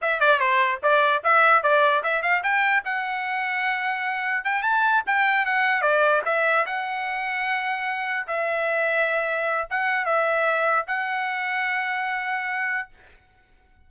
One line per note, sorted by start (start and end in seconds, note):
0.01 0.20 E5
0.20 0.39 D5
0.39 0.79 C5
0.82 1.23 D5
1.23 1.62 E5
1.62 2.03 D5
2.03 2.22 E5
2.22 2.42 F5
2.43 2.83 G5
2.84 4.44 F#5
4.44 4.62 G5
4.62 5.02 A5
5.06 5.45 G5
5.45 5.81 F#5
5.81 6.21 D5
6.25 6.65 E5
6.66 8.27 F#5
8.27 9.68 E5
9.70 10.05 F#5
10.05 10.85 E5
10.87 12.88 F#5